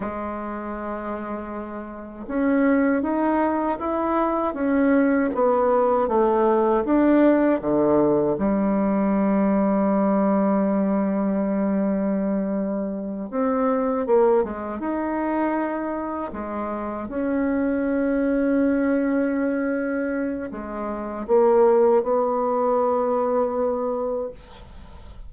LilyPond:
\new Staff \with { instrumentName = "bassoon" } { \time 4/4 \tempo 4 = 79 gis2. cis'4 | dis'4 e'4 cis'4 b4 | a4 d'4 d4 g4~ | g1~ |
g4. c'4 ais8 gis8 dis'8~ | dis'4. gis4 cis'4.~ | cis'2. gis4 | ais4 b2. | }